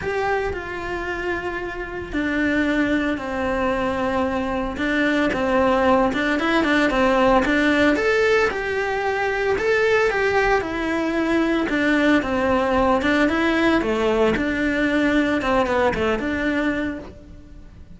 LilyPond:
\new Staff \with { instrumentName = "cello" } { \time 4/4 \tempo 4 = 113 g'4 f'2. | d'2 c'2~ | c'4 d'4 c'4. d'8 | e'8 d'8 c'4 d'4 a'4 |
g'2 a'4 g'4 | e'2 d'4 c'4~ | c'8 d'8 e'4 a4 d'4~ | d'4 c'8 b8 a8 d'4. | }